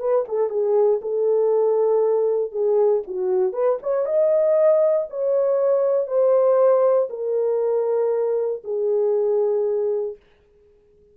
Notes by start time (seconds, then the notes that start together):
0.00 B4
0.29 A4
0.50 G#4
1.02 A4
2.52 G#4
3.08 F#4
3.53 B4
3.83 C#5
4.06 D#5
5.11 C#5
6.08 C5
7.10 A#4
8.64 G#4